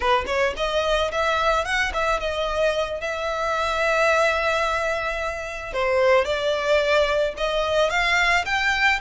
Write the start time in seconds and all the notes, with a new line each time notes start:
0.00 B4
0.26 C#5
0.56 D#5
1.11 E5
1.64 F#5
1.93 E5
2.20 D#5
3.00 E5
5.73 C5
6.25 D5
7.37 D#5
7.90 F5
8.45 G5